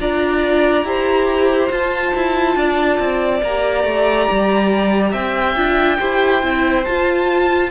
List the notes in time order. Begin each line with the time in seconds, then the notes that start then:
0.00 D4 F4 D5 A#5
0.84 E4 G4 C5
1.70 F4 A5
2.15 E4
2.56 D4 D5
2.99 C4
3.43 A#3 G4 A#5
3.84 A3
4.31 G3
5.12 C4 E5 G5
5.56 D4 F4
5.99 E4 G4 C5
6.43 C4 E4
6.85 F4 A5